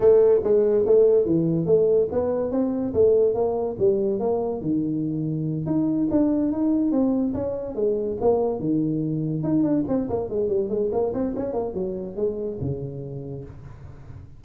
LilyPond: \new Staff \with { instrumentName = "tuba" } { \time 4/4 \tempo 4 = 143 a4 gis4 a4 e4 | a4 b4 c'4 a4 | ais4 g4 ais4 dis4~ | dis4. dis'4 d'4 dis'8~ |
dis'8 c'4 cis'4 gis4 ais8~ | ais8 dis2 dis'8 d'8 c'8 | ais8 gis8 g8 gis8 ais8 c'8 cis'8 ais8 | fis4 gis4 cis2 | }